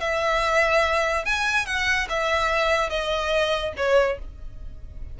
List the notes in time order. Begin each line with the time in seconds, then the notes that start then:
0.00 E5
1.25 G#5
1.66 F#5
2.09 E5
2.90 D#5
3.77 C#5